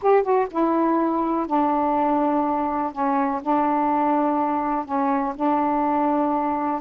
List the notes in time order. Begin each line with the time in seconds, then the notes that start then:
0.02 G4
0.22 F#4
0.50 E4
1.46 D4
2.92 C#4
3.42 D4
4.85 C#4
5.35 D4